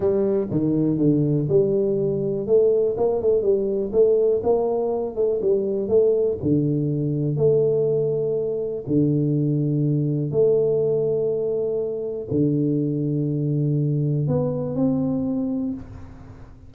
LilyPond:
\new Staff \with { instrumentName = "tuba" } { \time 4/4 \tempo 4 = 122 g4 dis4 d4 g4~ | g4 a4 ais8 a8 g4 | a4 ais4. a8 g4 | a4 d2 a4~ |
a2 d2~ | d4 a2.~ | a4 d2.~ | d4 b4 c'2 | }